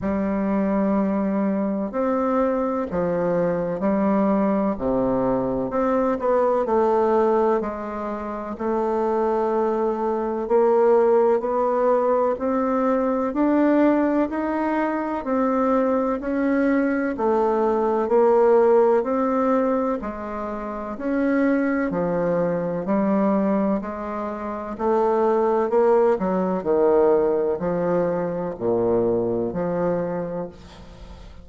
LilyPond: \new Staff \with { instrumentName = "bassoon" } { \time 4/4 \tempo 4 = 63 g2 c'4 f4 | g4 c4 c'8 b8 a4 | gis4 a2 ais4 | b4 c'4 d'4 dis'4 |
c'4 cis'4 a4 ais4 | c'4 gis4 cis'4 f4 | g4 gis4 a4 ais8 fis8 | dis4 f4 ais,4 f4 | }